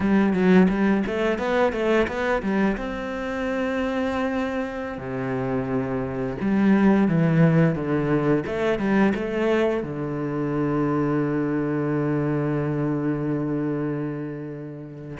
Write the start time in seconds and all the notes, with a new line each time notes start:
0.00 G3
0.33 F#3
0.68 G3
1.06 A3
1.38 B3
1.72 A3
2.07 B3
2.42 G3
2.77 C4
4.98 C3
6.40 G3
7.08 E3
7.75 D3
8.46 A3
8.78 G3
9.14 A3
9.83 D3